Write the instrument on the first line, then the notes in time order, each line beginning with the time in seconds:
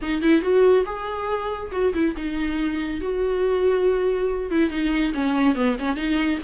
viola
0.02 D#4
0.22 E4
0.41 F#4
0.85 G#4
1.71 F#4
1.93 E4
2.16 D#4
3.01 F#4
4.50 E4
4.69 D#4
5.14 C#4
5.55 B3
5.79 C#4
5.96 D#4